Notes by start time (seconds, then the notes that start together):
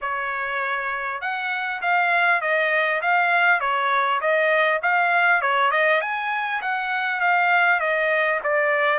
0.01 C#5
1.21 F#5
1.81 F5
2.41 D#5
3.01 F5
3.60 C#5
4.20 D#5
4.82 F5
5.41 C#5
5.71 D#5
6.01 G#5
6.61 F#5
7.20 F5
7.80 D#5
8.43 D5